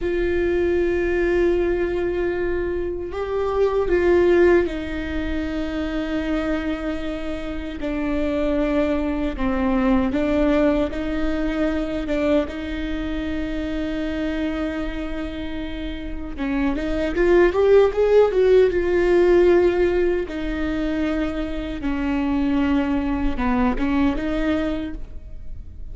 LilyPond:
\new Staff \with { instrumentName = "viola" } { \time 4/4 \tempo 4 = 77 f'1 | g'4 f'4 dis'2~ | dis'2 d'2 | c'4 d'4 dis'4. d'8 |
dis'1~ | dis'4 cis'8 dis'8 f'8 g'8 gis'8 fis'8 | f'2 dis'2 | cis'2 b8 cis'8 dis'4 | }